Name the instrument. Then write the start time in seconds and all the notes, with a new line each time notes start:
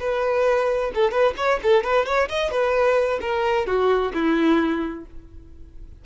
violin
0.00 B4
0.95 A4
1.12 B4
1.37 C#5
1.63 A4
1.84 B4
2.06 C#5
2.29 D#5
2.51 B4
3.21 A#4
3.67 F#4
4.14 E4